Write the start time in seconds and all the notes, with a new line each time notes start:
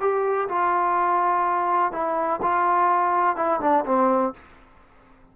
0.00 G4
0.48 F4
1.92 E4
2.42 F4
3.36 E4
3.60 D4
3.85 C4